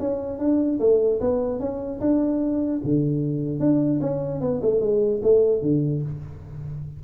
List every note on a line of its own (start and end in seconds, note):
0.00 0.39 C#4
0.39 0.79 D4
0.80 1.20 A3
1.21 1.60 B3
1.60 2.00 C#4
2.01 2.81 D4
2.84 3.60 D3
3.60 4.00 D4
4.01 4.41 C#4
4.41 4.61 B3
4.62 4.81 A3
4.81 5.21 G#3
5.23 5.62 A3
5.62 6.02 D3